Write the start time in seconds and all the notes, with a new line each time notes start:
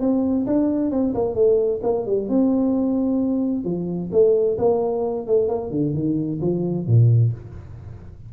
0.00 C4
0.46 D4
0.91 C4
1.14 A#3
1.34 A3
1.83 A#3
2.05 G3
2.28 C4
3.64 F3
4.12 A3
4.58 A#3
5.27 A3
5.48 A#3
5.71 D3
5.94 D#3
6.41 F3
6.86 A#2